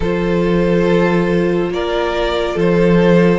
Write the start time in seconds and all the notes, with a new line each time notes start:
0.00 F3 F4 A4 C5
1.69 A#3 A#4 D5
2.54 F3 A4 C5